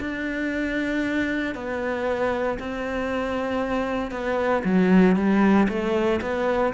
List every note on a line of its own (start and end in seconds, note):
0.00 1.55 D4
1.55 2.59 B3
2.60 4.11 C4
4.11 4.63 B3
4.64 5.16 F#3
5.16 5.68 G3
5.69 6.21 A3
6.21 6.73 B3